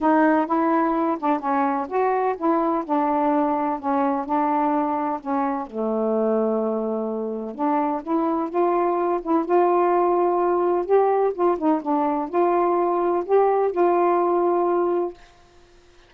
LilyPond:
\new Staff \with { instrumentName = "saxophone" } { \time 4/4 \tempo 4 = 127 dis'4 e'4. d'8 cis'4 | fis'4 e'4 d'2 | cis'4 d'2 cis'4 | a1 |
d'4 e'4 f'4. e'8 | f'2. g'4 | f'8 dis'8 d'4 f'2 | g'4 f'2. | }